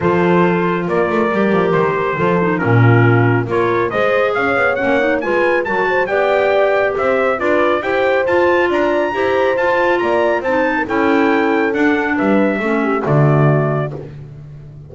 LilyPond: <<
  \new Staff \with { instrumentName = "trumpet" } { \time 4/4 \tempo 4 = 138 c''2 d''2 | c''2 ais'2 | cis''4 dis''4 f''4 fis''4 | gis''4 a''4 g''2 |
e''4 d''4 g''4 a''4 | ais''2 a''4 ais''4 | a''4 g''2 fis''4 | e''2 d''2 | }
  \new Staff \with { instrumentName = "horn" } { \time 4/4 a'2 ais'2~ | ais'4 a'4 f'2 | ais'4 c''4 cis''2 | b'4 ais'8 c''8 d''2 |
c''4 b'4 c''2 | d''4 c''2 d''4 | c''8. ais'16 a'2. | b'4 a'8 g'8 fis'2 | }
  \new Staff \with { instrumentName = "clarinet" } { \time 4/4 f'2. g'4~ | g'4 f'8 dis'8 cis'2 | f'4 gis'2 cis'8 dis'8 | f'4 fis'4 g'2~ |
g'4 f'4 g'4 f'4~ | f'4 g'4 f'2 | dis'4 e'2 d'4~ | d'4 cis'4 a2 | }
  \new Staff \with { instrumentName = "double bass" } { \time 4/4 f2 ais8 a8 g8 f8 | dis4 f4 ais,2 | ais4 gis4 cis'8 b8 ais4 | gis4 fis4 b2 |
c'4 d'4 e'4 f'4 | d'4 e'4 f'4 ais4 | c'4 cis'2 d'4 | g4 a4 d2 | }
>>